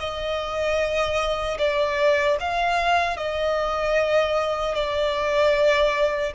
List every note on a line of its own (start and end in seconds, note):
0.00 1.58 D#5
1.59 2.38 D5
2.40 3.17 F5
3.17 4.75 D#5
4.75 6.33 D5